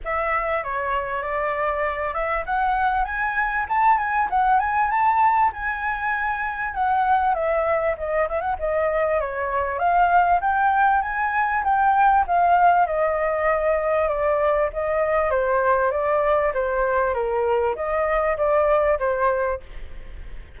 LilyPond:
\new Staff \with { instrumentName = "flute" } { \time 4/4 \tempo 4 = 98 e''4 cis''4 d''4. e''8 | fis''4 gis''4 a''8 gis''8 fis''8 gis''8 | a''4 gis''2 fis''4 | e''4 dis''8 e''16 fis''16 dis''4 cis''4 |
f''4 g''4 gis''4 g''4 | f''4 dis''2 d''4 | dis''4 c''4 d''4 c''4 | ais'4 dis''4 d''4 c''4 | }